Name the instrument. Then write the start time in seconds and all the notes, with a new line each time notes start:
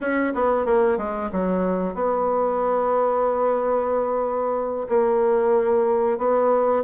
bassoon
0.00 C#4
0.34 B3
0.65 A#3
0.97 G#3
1.32 F#3
1.94 B3
4.89 A#3
6.17 B3